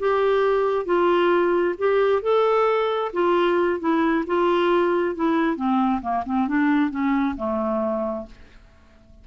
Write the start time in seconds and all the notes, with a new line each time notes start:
0.00 G4
0.86 F4
1.79 G4
2.23 A4
3.14 F4
3.80 E4
4.27 F4
5.16 E4
5.57 C4
6.02 A#3
6.26 C4
6.48 D4
6.91 C#4
7.37 A3